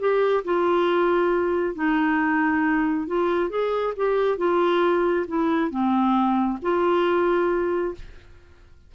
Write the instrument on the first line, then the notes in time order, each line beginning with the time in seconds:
clarinet
0.00 G4
0.45 F4
1.75 D#4
3.07 F4
3.50 G#4
3.97 G4
4.38 F4
5.28 E4
5.71 C4
6.62 F4